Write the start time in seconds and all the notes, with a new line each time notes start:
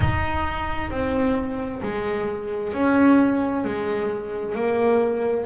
0.00 D#4
0.90 C4
1.82 G#3
2.73 C#4
3.64 G#3
4.55 A#3